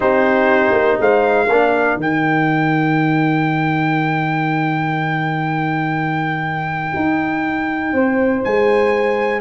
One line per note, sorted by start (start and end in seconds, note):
0.00 0.71 C4
0.00 1.46 D#4
0.00 0.99 G4
0.00 0.99 C5
0.71 0.96 A#3
1.00 1.47 G#3
1.00 1.49 C5
1.00 2.00 F5
1.47 1.96 A#3
1.47 1.98 D4
1.47 7.93 A#4
1.96 6.92 D#3
1.96 9.40 D#4
1.96 8.43 G5
6.95 7.92 D#4
7.92 8.42 C4
7.92 9.40 C5
8.43 9.40 G#3
8.43 9.40 G#5